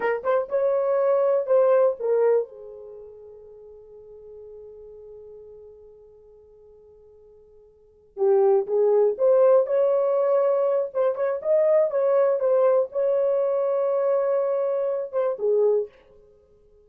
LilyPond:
\new Staff \with { instrumentName = "horn" } { \time 4/4 \tempo 4 = 121 ais'8 c''8 cis''2 c''4 | ais'4 gis'2.~ | gis'1~ | gis'1~ |
gis'8 g'4 gis'4 c''4 cis''8~ | cis''2 c''8 cis''8 dis''4 | cis''4 c''4 cis''2~ | cis''2~ cis''8 c''8 gis'4 | }